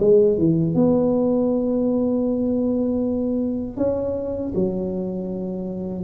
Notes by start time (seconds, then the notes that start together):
0.00 G#3
0.38 E3
0.75 B3
3.77 C#4
4.55 F#3